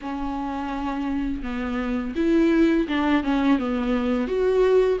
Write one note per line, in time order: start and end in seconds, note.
0.01 1.43 C#4
1.43 2.14 B3
2.15 2.87 E4
2.88 3.23 D4
3.23 3.58 C#4
3.58 4.27 B3
4.27 4.98 F#4